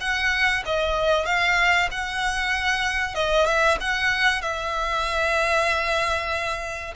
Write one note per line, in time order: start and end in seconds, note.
0.00 0.63 F#5
0.65 1.25 D#5
1.25 1.89 F5
1.91 3.14 F#5
3.14 3.46 D#5
3.46 3.77 E5
3.80 4.41 F#5
4.41 6.94 E5